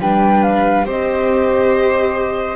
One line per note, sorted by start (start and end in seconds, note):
0.00 0.84 G3
0.00 0.85 D4
0.00 0.86 B4
0.00 0.43 G5
0.43 0.86 F5
0.84 2.56 C4
0.84 2.56 G4
0.84 2.56 C5
0.84 2.56 D#5